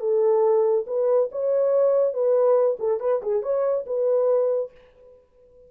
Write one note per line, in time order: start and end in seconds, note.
0.00 0.85 A4
0.87 1.29 B4
1.32 2.13 C#5
2.13 2.77 B4
2.79 3.00 A4
3.00 3.21 B4
3.22 3.42 G#4
3.42 3.85 C#5
3.86 4.71 B4